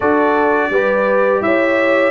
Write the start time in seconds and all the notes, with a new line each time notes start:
0.00 D4 F#4 A4 D5
0.70 G3 G4 B4
1.41 E4 C#5 E5